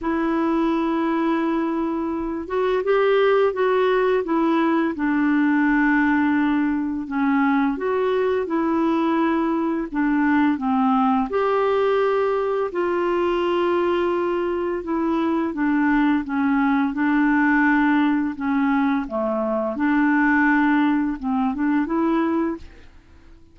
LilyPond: \new Staff \with { instrumentName = "clarinet" } { \time 4/4 \tempo 4 = 85 e'2.~ e'8 fis'8 | g'4 fis'4 e'4 d'4~ | d'2 cis'4 fis'4 | e'2 d'4 c'4 |
g'2 f'2~ | f'4 e'4 d'4 cis'4 | d'2 cis'4 a4 | d'2 c'8 d'8 e'4 | }